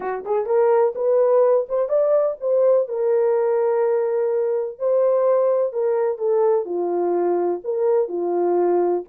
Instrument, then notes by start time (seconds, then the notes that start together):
horn
0.00 F#4
0.25 G#4
0.45 A#4
0.95 B4
1.69 C5
1.89 D5
2.40 C5
2.88 A#4
4.79 C5
5.73 A#4
6.18 A4
6.65 F4
7.64 A#4
8.08 F4